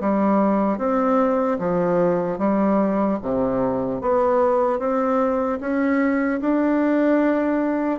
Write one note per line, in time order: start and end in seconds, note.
0.00 0.78 G3
0.78 1.58 C4
1.59 2.38 F3
2.38 3.18 G3
3.21 4.01 C3
4.01 4.79 B3
4.79 5.59 C4
5.60 6.40 C#4
6.40 7.99 D4